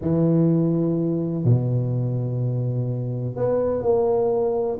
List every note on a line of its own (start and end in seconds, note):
0.01 1.44 E3
1.44 3.36 B2
3.36 3.82 B3
3.82 4.78 A#3